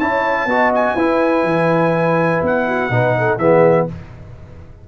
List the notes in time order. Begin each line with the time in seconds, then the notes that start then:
0.00 C#4 E4 C#5 A5
0.46 B3 F#4 D#5
0.75 G#5
0.95 E4 B4
1.44 E3
2.42 B3 F#5
2.67 F#4
2.90 B2 D#4 B4
3.18 A4
3.38 E3 B3 G#4 E5